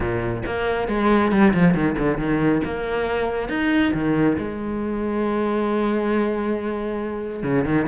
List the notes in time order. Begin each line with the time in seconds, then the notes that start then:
0.00 A#2
0.46 A#3
0.87 G#3
1.31 G3
1.53 F3
1.74 D#3
1.98 D3
2.17 D#3
2.64 A#3
3.48 D#4
3.93 D#3
4.38 G#3
7.43 C#3
7.64 D#3